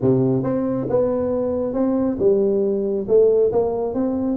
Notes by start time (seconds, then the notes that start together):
0.01 C3
0.43 C4
0.89 B3
1.73 C4
2.19 G3
3.08 A3
3.52 A#3
3.93 C4